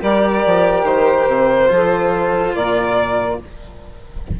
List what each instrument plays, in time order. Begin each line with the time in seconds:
0.00 bassoon G3, cello G4, saxophone A#4, violin D5
0.46 bassoon F3
0.83 bassoon D#3, violin C5
1.28 bassoon C3
1.68 bassoon F3, cello F4, saxophone A4
2.54 bassoon A#2, saxophone A#4, violin D5